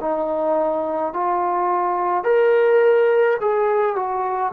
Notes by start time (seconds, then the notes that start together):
0.00 D#4
1.13 F4
2.24 A#4
3.40 G#4
3.95 F#4